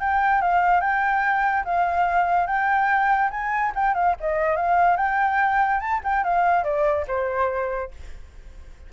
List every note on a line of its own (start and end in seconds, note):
0.00 0.41 G5
0.41 0.80 F5
0.80 1.64 G5
1.65 2.47 F5
2.47 3.30 G5
3.30 3.72 G#5
3.75 3.94 G5
3.94 4.15 F5
4.20 4.56 D#5
4.56 4.97 F5
4.97 5.80 G5
5.80 6.01 A5
6.04 6.23 G5
6.23 6.64 F5
6.64 7.05 D5
7.07 7.91 C5